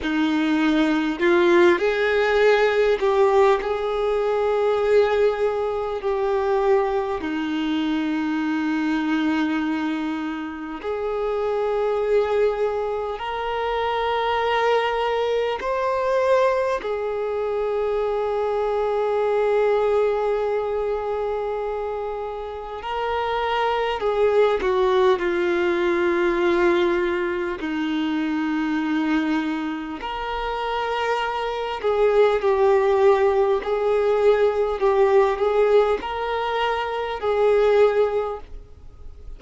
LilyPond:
\new Staff \with { instrumentName = "violin" } { \time 4/4 \tempo 4 = 50 dis'4 f'8 gis'4 g'8 gis'4~ | gis'4 g'4 dis'2~ | dis'4 gis'2 ais'4~ | ais'4 c''4 gis'2~ |
gis'2. ais'4 | gis'8 fis'8 f'2 dis'4~ | dis'4 ais'4. gis'8 g'4 | gis'4 g'8 gis'8 ais'4 gis'4 | }